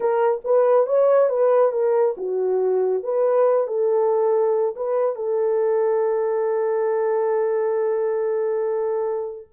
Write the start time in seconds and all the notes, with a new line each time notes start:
0.00 A#4
0.44 B4
0.86 C#5
1.29 B4
1.72 A#4
2.17 F#4
3.03 B4
3.67 A4
4.76 B4
5.15 A4